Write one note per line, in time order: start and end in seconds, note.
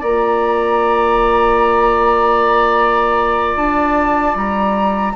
0.00 3.56 A#3
0.00 5.14 F4
0.00 5.13 D5
0.00 3.57 A#5
3.56 4.35 D4
3.56 4.36 A5
4.35 5.14 G3
4.35 5.16 A#5